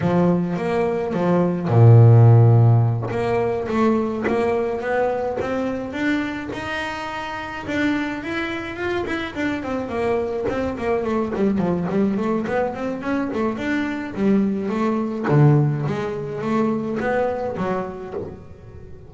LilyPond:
\new Staff \with { instrumentName = "double bass" } { \time 4/4 \tempo 4 = 106 f4 ais4 f4 ais,4~ | ais,4. ais4 a4 ais8~ | ais8 b4 c'4 d'4 dis'8~ | dis'4. d'4 e'4 f'8 |
e'8 d'8 c'8 ais4 c'8 ais8 a8 | g8 f8 g8 a8 b8 c'8 cis'8 a8 | d'4 g4 a4 d4 | gis4 a4 b4 fis4 | }